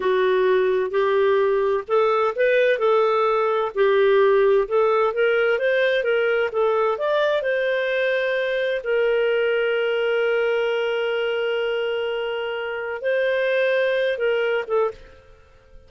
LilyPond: \new Staff \with { instrumentName = "clarinet" } { \time 4/4 \tempo 4 = 129 fis'2 g'2 | a'4 b'4 a'2 | g'2 a'4 ais'4 | c''4 ais'4 a'4 d''4 |
c''2. ais'4~ | ais'1~ | ais'1 | c''2~ c''8 ais'4 a'8 | }